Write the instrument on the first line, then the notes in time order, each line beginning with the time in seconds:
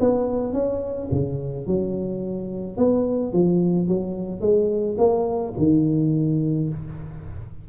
tuba
0.00 B3
0.54 C#4
1.11 C#3
1.67 F#3
2.78 B3
3.33 F3
3.88 F#3
4.41 G#3
4.98 A#3
5.58 D#3